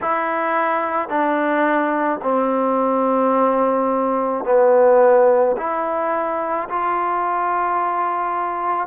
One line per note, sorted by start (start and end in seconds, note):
0.01 1.08 E4
1.08 2.19 D4
2.22 4.44 C4
4.44 5.56 B3
5.57 6.68 E4
6.69 8.87 F4